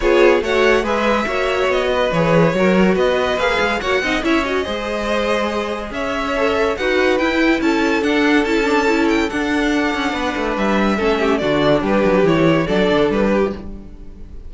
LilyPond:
<<
  \new Staff \with { instrumentName = "violin" } { \time 4/4 \tempo 4 = 142 cis''4 fis''4 e''2 | dis''4 cis''2 dis''4 | f''4 fis''4 e''8 dis''4.~ | dis''2 e''2 |
fis''4 g''4 a''4 fis''4 | a''4. g''8 fis''2~ | fis''4 e''2 d''4 | b'4 cis''4 d''4 b'4 | }
  \new Staff \with { instrumentName = "violin" } { \time 4/4 gis'4 cis''4 b'4 cis''4~ | cis''8 b'4. ais'4 b'4~ | b'4 cis''8 dis''8 cis''4 c''4~ | c''2 cis''2 |
b'2 a'2~ | a'1 | b'2 a'8 g'8 fis'4 | g'2 a'4. g'8 | }
  \new Staff \with { instrumentName = "viola" } { \time 4/4 f'4 fis'4 gis'4 fis'4~ | fis'4 gis'4 fis'2 | gis'4 fis'8 dis'8 e'8 fis'8 gis'4~ | gis'2. a'4 |
fis'4 e'2 d'4 | e'8 d'8 e'4 d'2~ | d'2 cis'4 d'4~ | d'4 e'4 d'2 | }
  \new Staff \with { instrumentName = "cello" } { \time 4/4 b4 a4 gis4 ais4 | b4 e4 fis4 b4 | ais8 gis8 ais8 c'8 cis'4 gis4~ | gis2 cis'2 |
dis'4 e'4 cis'4 d'4 | cis'2 d'4. cis'8 | b8 a8 g4 a4 d4 | g8 fis8 e4 fis8 d8 g4 | }
>>